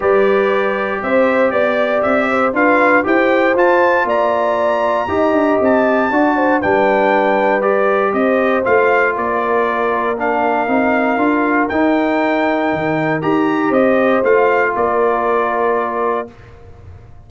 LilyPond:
<<
  \new Staff \with { instrumentName = "trumpet" } { \time 4/4 \tempo 4 = 118 d''2 e''4 d''4 | e''4 f''4 g''4 a''4 | ais''2. a''4~ | a''4 g''2 d''4 |
dis''4 f''4 d''2 | f''2. g''4~ | g''2 ais''4 dis''4 | f''4 d''2. | }
  \new Staff \with { instrumentName = "horn" } { \time 4/4 b'2 c''4 d''4~ | d''8 c''8 b'4 c''2 | d''2 dis''2 | d''8 c''8 b'2. |
c''2 ais'2~ | ais'1~ | ais'2. c''4~ | c''4 ais'2. | }
  \new Staff \with { instrumentName = "trombone" } { \time 4/4 g'1~ | g'4 f'4 g'4 f'4~ | f'2 g'2 | fis'4 d'2 g'4~ |
g'4 f'2. | d'4 dis'4 f'4 dis'4~ | dis'2 g'2 | f'1 | }
  \new Staff \with { instrumentName = "tuba" } { \time 4/4 g2 c'4 b4 | c'4 d'4 e'4 f'4 | ais2 dis'8 d'8 c'4 | d'4 g2. |
c'4 a4 ais2~ | ais4 c'4 d'4 dis'4~ | dis'4 dis4 dis'4 c'4 | a4 ais2. | }
>>